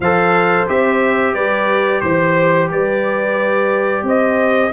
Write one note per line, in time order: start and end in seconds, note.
0.00 0.64 F3
0.00 0.67 A4
0.00 1.34 C5
0.00 0.68 F5
0.67 1.35 C4
0.67 4.71 G4
0.67 1.34 E5
1.34 2.02 G3
1.34 2.01 B4
1.34 2.00 D5
2.00 2.70 E3
2.00 2.68 C5
2.00 2.70 C5
2.70 4.02 G3
2.70 4.04 B4
2.70 4.06 D5
4.02 4.70 C4
4.02 4.72 C5
4.02 4.72 D#5